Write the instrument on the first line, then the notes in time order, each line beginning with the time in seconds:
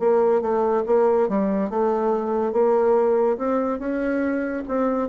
bassoon
0.00 A#3
0.42 A3
0.87 A#3
1.29 G3
1.71 A3
2.53 A#3
3.38 C4
3.80 C#4
4.69 C4